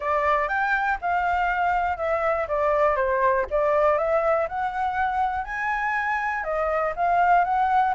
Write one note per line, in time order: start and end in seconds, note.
0.00 0.48 D5
0.48 0.97 G5
1.01 1.97 F5
1.97 2.46 E5
2.48 2.95 D5
2.95 3.45 C5
3.50 3.98 D5
3.98 4.47 E5
4.48 5.44 F#5
5.44 6.43 G#5
6.43 6.93 D#5
6.96 7.44 F5
7.44 7.94 F#5